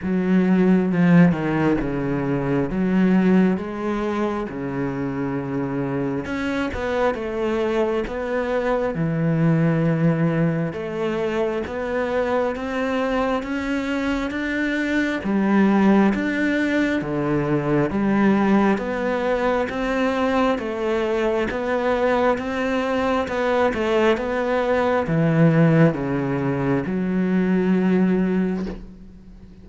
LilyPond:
\new Staff \with { instrumentName = "cello" } { \time 4/4 \tempo 4 = 67 fis4 f8 dis8 cis4 fis4 | gis4 cis2 cis'8 b8 | a4 b4 e2 | a4 b4 c'4 cis'4 |
d'4 g4 d'4 d4 | g4 b4 c'4 a4 | b4 c'4 b8 a8 b4 | e4 cis4 fis2 | }